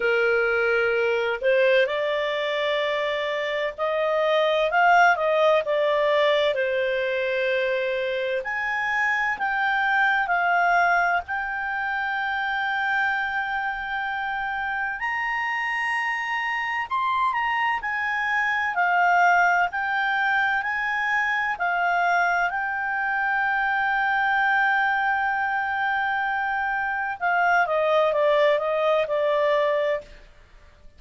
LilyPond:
\new Staff \with { instrumentName = "clarinet" } { \time 4/4 \tempo 4 = 64 ais'4. c''8 d''2 | dis''4 f''8 dis''8 d''4 c''4~ | c''4 gis''4 g''4 f''4 | g''1 |
ais''2 c'''8 ais''8 gis''4 | f''4 g''4 gis''4 f''4 | g''1~ | g''4 f''8 dis''8 d''8 dis''8 d''4 | }